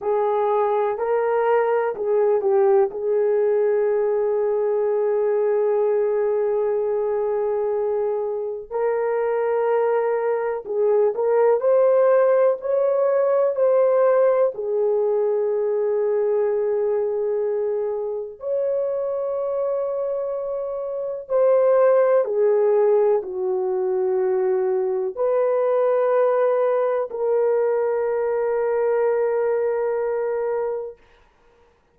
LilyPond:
\new Staff \with { instrumentName = "horn" } { \time 4/4 \tempo 4 = 62 gis'4 ais'4 gis'8 g'8 gis'4~ | gis'1~ | gis'4 ais'2 gis'8 ais'8 | c''4 cis''4 c''4 gis'4~ |
gis'2. cis''4~ | cis''2 c''4 gis'4 | fis'2 b'2 | ais'1 | }